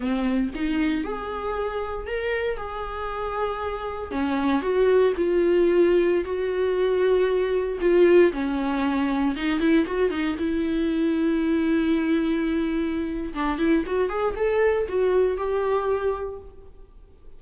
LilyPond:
\new Staff \with { instrumentName = "viola" } { \time 4/4 \tempo 4 = 117 c'4 dis'4 gis'2 | ais'4 gis'2. | cis'4 fis'4 f'2~ | f'16 fis'2. f'8.~ |
f'16 cis'2 dis'8 e'8 fis'8 dis'16~ | dis'16 e'2.~ e'8.~ | e'2 d'8 e'8 fis'8 gis'8 | a'4 fis'4 g'2 | }